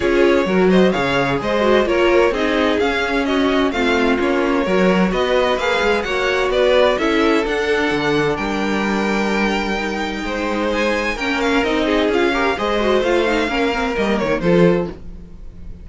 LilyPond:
<<
  \new Staff \with { instrumentName = "violin" } { \time 4/4 \tempo 4 = 129 cis''4. dis''8 f''4 dis''4 | cis''4 dis''4 f''4 dis''4 | f''4 cis''2 dis''4 | f''4 fis''4 d''4 e''4 |
fis''2 g''2~ | g''2. gis''4 | g''8 f''8 dis''4 f''4 dis''4 | f''2 dis''8 cis''8 c''4 | }
  \new Staff \with { instrumentName = "violin" } { \time 4/4 gis'4 ais'8 c''8 cis''4 c''4 | ais'4 gis'2 fis'4 | f'2 ais'4 b'4~ | b'4 cis''4 b'4 a'4~ |
a'2 ais'2~ | ais'2 c''2 | ais'4. gis'4 ais'8 c''4~ | c''4 ais'2 a'4 | }
  \new Staff \with { instrumentName = "viola" } { \time 4/4 f'4 fis'4 gis'4. fis'8 | f'4 dis'4 cis'2 | c'4 cis'4 fis'2 | gis'4 fis'2 e'4 |
d'1~ | d'4 dis'2. | cis'4 dis'4 f'8 g'8 gis'8 fis'8 | f'8 dis'8 cis'8 c'8 ais4 f'4 | }
  \new Staff \with { instrumentName = "cello" } { \time 4/4 cis'4 fis4 cis4 gis4 | ais4 c'4 cis'2 | a4 ais4 fis4 b4 | ais8 gis8 ais4 b4 cis'4 |
d'4 d4 g2~ | g2 gis2 | ais4 c'4 cis'4 gis4 | a4 ais4 g8 dis8 f4 | }
>>